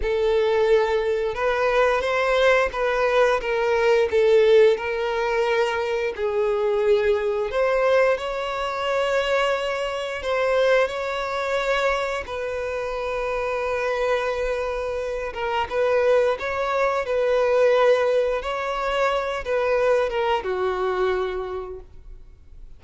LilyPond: \new Staff \with { instrumentName = "violin" } { \time 4/4 \tempo 4 = 88 a'2 b'4 c''4 | b'4 ais'4 a'4 ais'4~ | ais'4 gis'2 c''4 | cis''2. c''4 |
cis''2 b'2~ | b'2~ b'8 ais'8 b'4 | cis''4 b'2 cis''4~ | cis''8 b'4 ais'8 fis'2 | }